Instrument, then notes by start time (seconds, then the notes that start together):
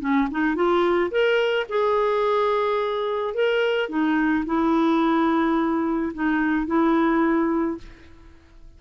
clarinet
0.00 C#4
0.31 D#4
0.55 F4
1.11 A#4
1.69 G#4
3.34 A#4
3.89 D#4
4.45 E4
6.14 D#4
6.66 E4